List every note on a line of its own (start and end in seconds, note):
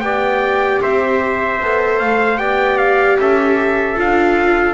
0.00 0.80 B3
0.00 1.59 G4
0.00 0.82 D5
0.00 0.79 G5
0.81 1.60 C4
0.81 2.40 C5
0.81 1.99 E5
1.61 2.00 B3
1.61 2.38 A4
1.99 2.37 A3
1.99 2.38 F5
2.37 3.16 B3
2.37 3.95 G4
2.37 3.19 D5
2.37 2.77 G5
2.77 3.17 F5
3.17 3.96 C#4
3.17 4.74 A4
3.17 3.99 E5
3.95 4.74 D4
3.95 4.74 F4
3.95 4.74 F5